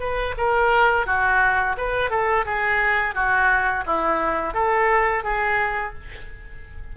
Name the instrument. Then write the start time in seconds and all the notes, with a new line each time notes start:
oboe
0.00 B4
0.38 A#4
1.07 F#4
1.78 B4
2.11 A4
2.45 G#4
3.15 F#4
3.87 E4
4.54 A4
5.24 G#4